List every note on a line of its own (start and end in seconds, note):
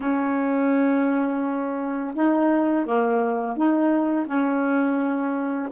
0.00 2.14 C#4
2.14 2.86 D#4
2.86 3.56 A#3
3.56 4.26 D#4
4.26 5.69 C#4